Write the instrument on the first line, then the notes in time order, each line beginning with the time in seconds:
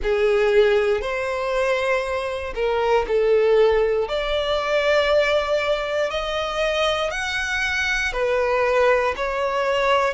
violin
0.02 G#4
1.01 C5
2.54 A#4
3.07 A4
4.08 D5
6.10 D#5
7.10 F#5
8.13 B4
9.16 C#5